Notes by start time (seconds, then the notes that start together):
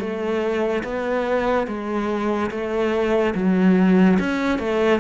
0.00 A3
0.84 B3
1.67 G#3
2.51 A3
3.35 F#3
4.20 C#4
4.59 A3